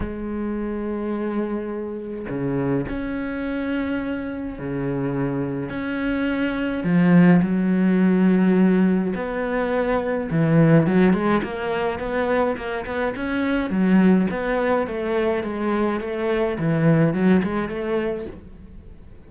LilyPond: \new Staff \with { instrumentName = "cello" } { \time 4/4 \tempo 4 = 105 gis1 | cis4 cis'2. | cis2 cis'2 | f4 fis2. |
b2 e4 fis8 gis8 | ais4 b4 ais8 b8 cis'4 | fis4 b4 a4 gis4 | a4 e4 fis8 gis8 a4 | }